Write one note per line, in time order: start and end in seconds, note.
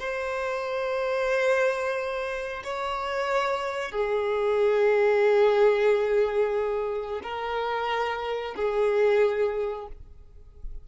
0.00 2.64 C5
2.64 3.92 C#5
3.92 7.21 G#4
7.23 8.55 A#4
8.56 9.88 G#4